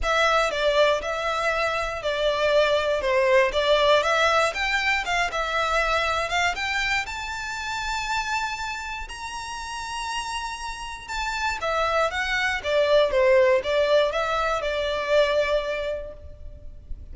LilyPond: \new Staff \with { instrumentName = "violin" } { \time 4/4 \tempo 4 = 119 e''4 d''4 e''2 | d''2 c''4 d''4 | e''4 g''4 f''8 e''4.~ | e''8 f''8 g''4 a''2~ |
a''2 ais''2~ | ais''2 a''4 e''4 | fis''4 d''4 c''4 d''4 | e''4 d''2. | }